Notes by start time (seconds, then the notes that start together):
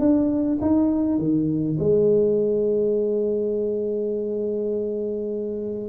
0.00 D4
0.61 D#4
1.19 D#3
1.79 G#3